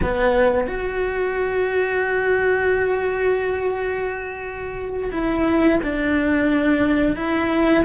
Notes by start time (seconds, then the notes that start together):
0.02 B3
0.67 F#4
5.11 E4
5.82 D4
7.16 E4